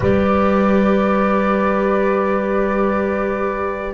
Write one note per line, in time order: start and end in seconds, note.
0.00 3.93 G3
0.00 3.93 G4
0.00 3.93 B4
0.00 3.93 D5